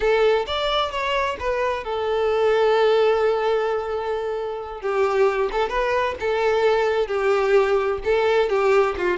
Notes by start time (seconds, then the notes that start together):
0.00 A4
0.46 D5
0.91 C#5
1.39 B4
1.83 A4
4.81 G4
5.51 A4
5.69 B4
6.20 A4
7.07 G4
8.04 A4
8.49 G4
8.97 F4